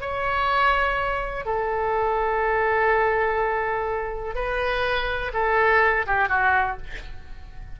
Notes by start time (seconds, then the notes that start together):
0.00 C#5
1.45 A4
4.35 B4
5.33 A4
6.06 G4
6.28 F#4